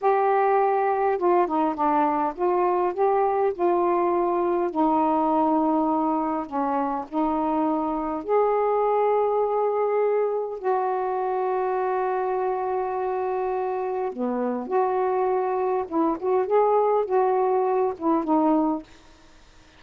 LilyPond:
\new Staff \with { instrumentName = "saxophone" } { \time 4/4 \tempo 4 = 102 g'2 f'8 dis'8 d'4 | f'4 g'4 f'2 | dis'2. cis'4 | dis'2 gis'2~ |
gis'2 fis'2~ | fis'1 | b4 fis'2 e'8 fis'8 | gis'4 fis'4. e'8 dis'4 | }